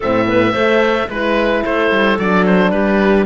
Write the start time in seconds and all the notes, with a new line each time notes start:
0.00 A2 C4 A4 E5
0.26 B3 B4
0.52 A3 C5
1.08 G#3 E4 B4
1.63 A3 A4 C5
1.91 G3
2.18 F#3 D4 D5
2.46 C5
2.70 G3 G4 B4